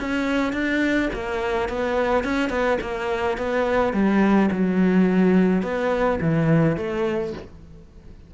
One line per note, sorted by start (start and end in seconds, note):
0.00 0.53 C#4
0.53 1.09 D4
1.13 1.69 A#3
1.69 2.24 B3
2.24 2.50 C#4
2.50 2.78 B3
2.81 3.38 A#3
3.38 3.93 B3
3.93 4.49 G3
4.51 5.62 F#3
5.62 6.19 B3
6.21 6.77 E3
6.77 7.33 A3